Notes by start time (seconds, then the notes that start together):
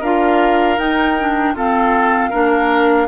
0.00 D4 F4 A#4 F5
0.78 D#4 G5
1.19 D4
1.54 C4 F4 A4 F5
2.30 A#3 D4 A#4